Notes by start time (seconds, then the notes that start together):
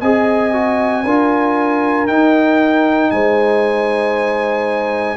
0.00 C4 G#4 D#5 G#5
0.53 F#4
1.04 D4 F4 A#4
2.07 D#4 G5
3.11 G#3 C5 G#5